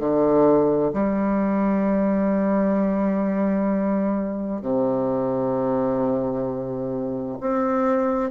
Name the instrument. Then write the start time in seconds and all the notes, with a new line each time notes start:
bassoon
0.00 D3
0.94 G3
4.62 C3
7.41 C4